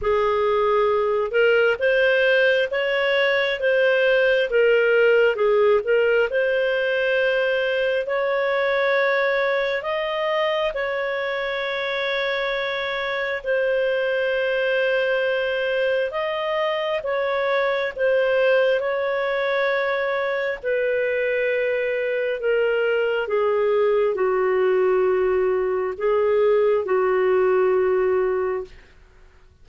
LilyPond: \new Staff \with { instrumentName = "clarinet" } { \time 4/4 \tempo 4 = 67 gis'4. ais'8 c''4 cis''4 | c''4 ais'4 gis'8 ais'8 c''4~ | c''4 cis''2 dis''4 | cis''2. c''4~ |
c''2 dis''4 cis''4 | c''4 cis''2 b'4~ | b'4 ais'4 gis'4 fis'4~ | fis'4 gis'4 fis'2 | }